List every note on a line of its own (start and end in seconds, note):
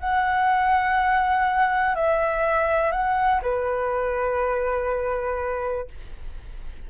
0.00 1.95 F#5
1.95 2.92 E5
2.92 3.41 F#5
3.42 5.88 B4